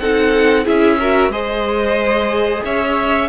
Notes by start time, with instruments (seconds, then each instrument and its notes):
0.00 cello C4, viola D#4, violin A4 F#5
0.65 cello C#4, viola E4, violin G#4 E5
1.00 viola F#4, violin A#4
1.29 cello G#3, viola G#4, violin C5 D#5
2.65 cello C#4, violin C#5 E5